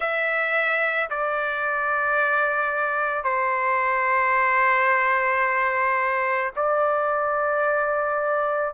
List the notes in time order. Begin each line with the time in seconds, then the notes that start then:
0.00 E5
1.10 D5
3.24 C5
6.56 D5